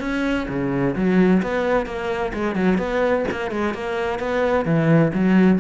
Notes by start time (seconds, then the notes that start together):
0.00 C#4
0.49 C#3
0.95 F#3
1.42 B3
1.86 A#3
2.33 G#3
2.55 F#3
2.78 B3
3.31 A#3
3.51 G#3
3.74 A#3
4.19 B3
4.65 E3
5.14 F#3